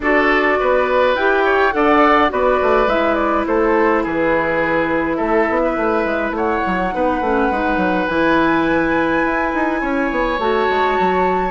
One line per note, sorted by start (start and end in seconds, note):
0.00 0.58 D4
0.00 1.17 F#4
0.00 0.59 A4
0.00 1.15 D5
0.59 1.14 B3
0.59 1.44 B4
1.14 1.72 E4
1.14 1.71 G4
1.14 1.72 G5
1.44 1.73 C#5
1.71 2.32 D4
1.71 2.29 A4
1.71 2.32 D5
1.71 2.30 F#5
2.29 2.60 B3
2.29 2.86 F#4
2.29 3.47 B4
2.29 2.89 D5
2.61 2.87 A3
2.87 3.44 G#3
2.87 6.92 E4
2.87 3.14 E5
3.14 3.43 D5
3.46 4.04 A3
3.46 4.03 A4
3.46 4.04 C5
4.03 5.19 E3
4.03 5.16 G#4
4.03 5.15 B4
5.15 5.48 A3
5.15 5.59 A4
5.15 6.30 E5
5.49 5.77 B3
5.64 6.36 B4
5.77 6.04 A3
6.04 6.30 G#3
6.30 6.59 A3
6.30 8.07 F#5
6.36 6.94 C#5
6.66 6.94 F#3
6.92 7.20 B3
6.92 7.21 D#4
6.92 9.81 B4
7.20 7.49 A3
7.20 7.52 C#4
7.50 7.77 G#3
7.50 8.09 D#4
7.77 8.05 F#3
8.07 9.24 E3
8.07 10.40 E4
8.07 10.38 G#5
9.24 9.53 E4
9.53 9.82 D#4
9.81 10.10 C#4
9.81 11.50 C#5
10.10 10.38 B3
10.38 10.67 A3
10.38 11.50 F#4
10.38 11.50 A5
10.69 10.98 G#3
10.99 11.50 F#3